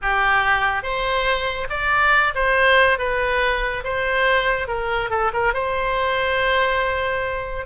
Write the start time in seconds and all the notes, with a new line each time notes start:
0.02 G4
0.82 C5
1.69 D5
2.34 C5
2.98 B4
3.83 C5
4.67 A#4
5.10 A4
5.33 A#4
5.53 C5